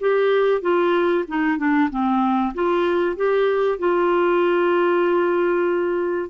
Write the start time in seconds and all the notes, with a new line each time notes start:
0.00 G4
0.61 F4
1.28 D#4
1.58 D4
1.90 C4
2.54 F4
3.16 G4
3.78 F4